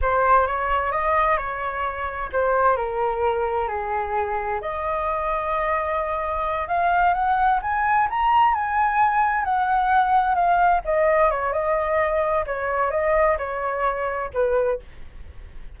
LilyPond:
\new Staff \with { instrumentName = "flute" } { \time 4/4 \tempo 4 = 130 c''4 cis''4 dis''4 cis''4~ | cis''4 c''4 ais'2 | gis'2 dis''2~ | dis''2~ dis''8 f''4 fis''8~ |
fis''8 gis''4 ais''4 gis''4.~ | gis''8 fis''2 f''4 dis''8~ | dis''8 cis''8 dis''2 cis''4 | dis''4 cis''2 b'4 | }